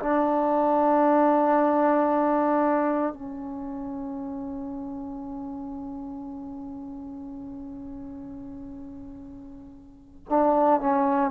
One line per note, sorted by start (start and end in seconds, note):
0.00 3.14 D4
3.14 10.24 C#4
10.30 10.81 D4
10.81 11.31 C#4